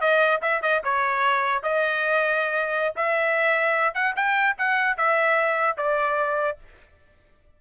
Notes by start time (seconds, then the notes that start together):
0.00 D#5
0.41 E5
0.62 D#5
0.83 C#5
1.63 D#5
2.95 E5
3.94 F#5
4.16 G5
4.58 F#5
4.97 E5
5.77 D5